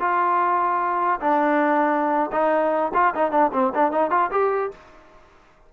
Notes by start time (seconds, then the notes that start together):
0.00 F4
1.20 D4
2.32 D#4
2.94 F4
3.15 D#4
3.31 D4
3.53 C4
3.75 D4
3.92 D#4
4.11 F4
4.31 G4